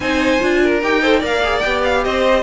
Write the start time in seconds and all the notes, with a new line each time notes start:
0.00 C4 D#4 C5 G#5
0.40 D4 F4
0.63 A#4
0.82 D#4 G4 G5
1.02 A4 C5
1.19 A#3 A#4 D5 F5
1.43 G#4
1.59 B3 G4 G5
1.83 F5
2.03 C4 C5 D#5